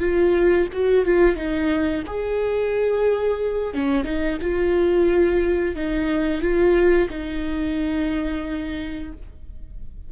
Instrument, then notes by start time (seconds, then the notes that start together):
viola
0.00 F4
0.73 F#4
1.05 F4
1.36 D#4
2.07 G#4
3.74 C#4
4.04 D#4
4.42 F4
5.75 D#4
6.41 F4
7.10 D#4